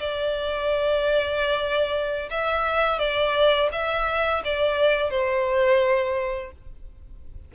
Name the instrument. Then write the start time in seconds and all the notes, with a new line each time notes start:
violin
0.00 D5
2.31 E5
2.99 D5
3.73 E5
4.45 D5
5.11 C5